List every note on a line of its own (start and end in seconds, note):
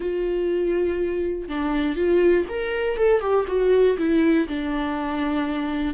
0.00 1.48 F4
1.48 1.96 D4
1.96 2.45 F4
2.48 2.96 A#4
2.96 3.20 A4
3.20 3.45 G4
3.47 3.97 F#4
3.98 4.47 E4
4.48 5.94 D4